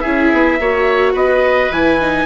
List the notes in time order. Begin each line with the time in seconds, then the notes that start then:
0.00 C#4 E4 G#4 E5
0.32 B3
0.59 A#3 F#4 C#5
1.13 B3 B4 D#5
1.71 E3 E4 G#5
2.00 D#4